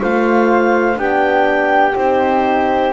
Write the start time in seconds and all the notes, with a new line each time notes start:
0.00 A3 F4 C5 F5
0.95 B3 D4 G4 G5
1.96 C4 D#4 C5